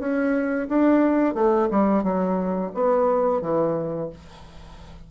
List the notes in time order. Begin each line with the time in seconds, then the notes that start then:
0.00 C#4
0.69 D4
1.35 A3
1.71 G3
2.04 F#3
2.75 B3
3.42 E3